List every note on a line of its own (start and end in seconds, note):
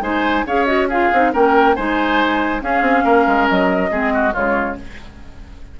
0.00 0.43 G#3
0.00 0.45 D#4
0.00 0.45 C5
0.00 0.45 G#5
0.46 1.11 C#4
0.46 0.66 G#4
0.46 0.88 C#5
0.46 0.65 F5
0.65 0.88 F#4
0.65 0.86 D#5
0.88 1.13 F4
0.88 1.31 G#4
0.88 1.33 F5
1.13 1.33 C4
1.13 1.32 D#4
1.32 1.76 A#3
1.32 1.75 C#4
1.32 1.75 A#4
1.32 1.75 G5
1.75 2.61 G#3
1.75 2.60 D#4
1.75 2.61 C5
1.75 2.61 G#5
2.60 3.90 C#4
2.60 2.81 C#4
2.60 3.03 G#4
2.60 3.48 F5
2.81 3.02 C4
3.03 3.26 A#3
3.03 3.90 A#4
3.27 3.48 G#3
3.48 3.91 F#3
3.48 4.34 D#5
3.90 4.34 G#3
3.90 4.32 C4
3.90 4.12 G#4
4.13 4.33 F#4
4.32 4.79 C#3
4.32 4.76 G#3
4.32 4.76 F4
4.32 4.77 C#5